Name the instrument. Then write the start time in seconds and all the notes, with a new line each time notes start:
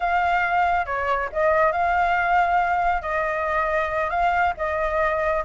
flute
0.00 F5
0.86 C#5
1.32 D#5
1.72 F5
3.02 D#5
4.10 F5
4.57 D#5